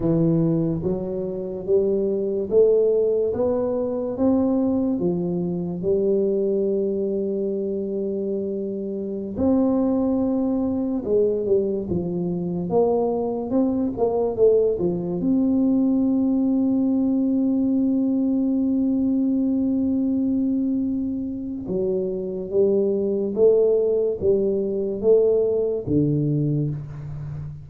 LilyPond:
\new Staff \with { instrumentName = "tuba" } { \time 4/4 \tempo 4 = 72 e4 fis4 g4 a4 | b4 c'4 f4 g4~ | g2.~ g16 c'8.~ | c'4~ c'16 gis8 g8 f4 ais8.~ |
ais16 c'8 ais8 a8 f8 c'4.~ c'16~ | c'1~ | c'2 fis4 g4 | a4 g4 a4 d4 | }